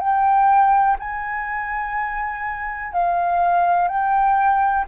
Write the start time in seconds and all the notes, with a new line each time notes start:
0.00 G5
0.99 G#5
2.93 F5
3.88 G5